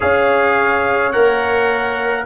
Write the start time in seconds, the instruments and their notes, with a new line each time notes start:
0.00 tuba C#4, trombone G#4, horn C#5, trumpet F5
1.12 tuba A#3, trombone A#4, trumpet F#5